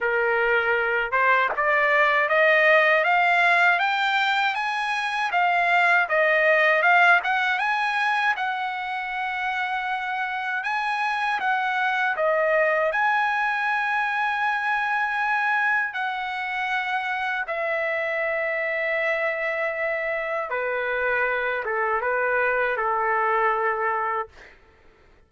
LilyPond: \new Staff \with { instrumentName = "trumpet" } { \time 4/4 \tempo 4 = 79 ais'4. c''8 d''4 dis''4 | f''4 g''4 gis''4 f''4 | dis''4 f''8 fis''8 gis''4 fis''4~ | fis''2 gis''4 fis''4 |
dis''4 gis''2.~ | gis''4 fis''2 e''4~ | e''2. b'4~ | b'8 a'8 b'4 a'2 | }